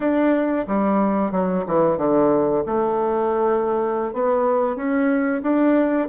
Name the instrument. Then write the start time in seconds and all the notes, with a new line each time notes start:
bassoon
0.00 D4
0.67 G3
1.31 F#3
1.66 E3
1.97 D3
2.66 A3
4.13 B3
4.75 C#4
5.42 D4